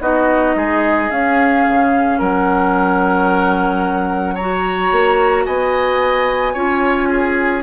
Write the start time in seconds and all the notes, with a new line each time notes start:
0.00 B3 D#4 F#4 D#5
0.55 G#3 G#4
1.10 C#4 F5
1.67 C#3
2.19 F#3 A#4 F#5
4.35 F#4 C#5 A#5
4.92 A#3
5.45 B3 D#5 G#5
6.53 C#4 F4 C#5
7.09 G#4